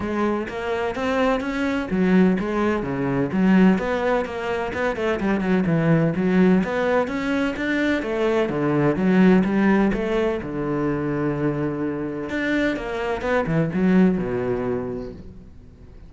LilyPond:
\new Staff \with { instrumentName = "cello" } { \time 4/4 \tempo 4 = 127 gis4 ais4 c'4 cis'4 | fis4 gis4 cis4 fis4 | b4 ais4 b8 a8 g8 fis8 | e4 fis4 b4 cis'4 |
d'4 a4 d4 fis4 | g4 a4 d2~ | d2 d'4 ais4 | b8 e8 fis4 b,2 | }